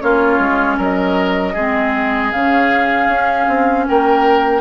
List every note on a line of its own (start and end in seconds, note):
0.00 0.38 A#3
0.00 1.54 C#4
0.00 0.77 F4
0.00 0.77 C#5
0.38 0.77 G#3
0.77 1.55 F#3
0.77 1.53 A#4
0.77 2.31 D#5
1.53 2.32 G#3
1.53 2.33 C4
1.53 3.84 G#4
2.31 3.07 C#3
2.31 4.61 C#4
2.31 3.85 F5
3.07 3.46 C#4
3.48 3.86 C4
3.87 4.61 A#3
3.87 4.61 A#4
3.87 4.61 G5